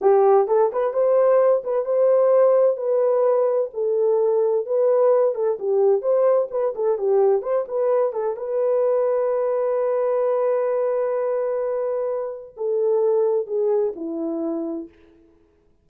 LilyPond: \new Staff \with { instrumentName = "horn" } { \time 4/4 \tempo 4 = 129 g'4 a'8 b'8 c''4. b'8 | c''2 b'2 | a'2 b'4. a'8 | g'4 c''4 b'8 a'8 g'4 |
c''8 b'4 a'8 b'2~ | b'1~ | b'2. a'4~ | a'4 gis'4 e'2 | }